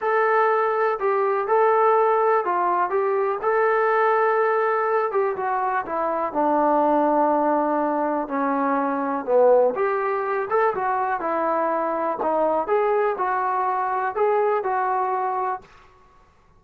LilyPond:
\new Staff \with { instrumentName = "trombone" } { \time 4/4 \tempo 4 = 123 a'2 g'4 a'4~ | a'4 f'4 g'4 a'4~ | a'2~ a'8 g'8 fis'4 | e'4 d'2.~ |
d'4 cis'2 b4 | g'4. a'8 fis'4 e'4~ | e'4 dis'4 gis'4 fis'4~ | fis'4 gis'4 fis'2 | }